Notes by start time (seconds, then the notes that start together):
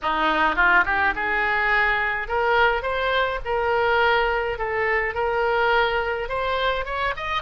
0.02 D#4
0.55 F4
0.85 G4
1.15 G#4
2.28 A#4
2.82 C5
3.44 A#4
4.58 A4
5.14 A#4
6.29 C5
6.85 C#5
7.16 D#5